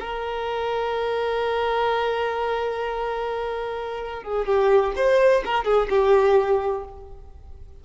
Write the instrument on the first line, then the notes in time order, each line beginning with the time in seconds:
violin
0.00 A#4
4.23 G#4
4.46 G4
4.96 C5
5.45 A#4
5.65 G#4
5.90 G4